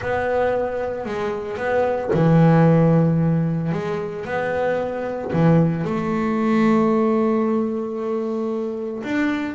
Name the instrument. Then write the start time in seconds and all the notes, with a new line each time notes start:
double bass
0.01 B3
1.05 G#3
1.57 B3
2.13 E3
3.72 G#3
4.25 B3
5.32 E3
5.84 A3
9.03 D4